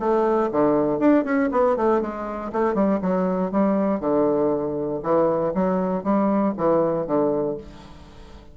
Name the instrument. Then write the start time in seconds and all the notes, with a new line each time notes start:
bassoon
0.00 A3
0.52 D3
1.00 D4
1.25 C#4
1.52 B3
1.77 A3
2.02 G#3
2.53 A3
2.75 G3
3.02 F#3
3.52 G3
4.00 D3
5.03 E3
5.55 F#3
6.04 G3
6.58 E3
7.07 D3